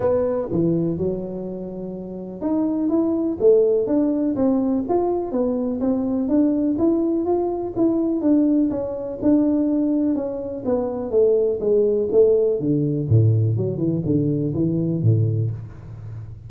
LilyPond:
\new Staff \with { instrumentName = "tuba" } { \time 4/4 \tempo 4 = 124 b4 e4 fis2~ | fis4 dis'4 e'4 a4 | d'4 c'4 f'4 b4 | c'4 d'4 e'4 f'4 |
e'4 d'4 cis'4 d'4~ | d'4 cis'4 b4 a4 | gis4 a4 d4 a,4 | fis8 e8 d4 e4 a,4 | }